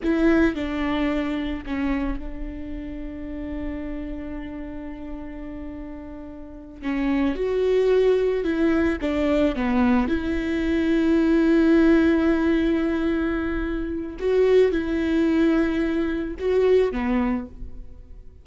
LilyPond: \new Staff \with { instrumentName = "viola" } { \time 4/4 \tempo 4 = 110 e'4 d'2 cis'4 | d'1~ | d'1~ | d'8 cis'4 fis'2 e'8~ |
e'8 d'4 b4 e'4.~ | e'1~ | e'2 fis'4 e'4~ | e'2 fis'4 b4 | }